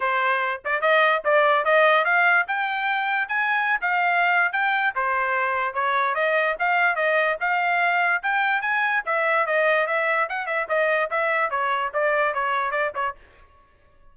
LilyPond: \new Staff \with { instrumentName = "trumpet" } { \time 4/4 \tempo 4 = 146 c''4. d''8 dis''4 d''4 | dis''4 f''4 g''2 | gis''4~ gis''16 f''4.~ f''16 g''4 | c''2 cis''4 dis''4 |
f''4 dis''4 f''2 | g''4 gis''4 e''4 dis''4 | e''4 fis''8 e''8 dis''4 e''4 | cis''4 d''4 cis''4 d''8 cis''8 | }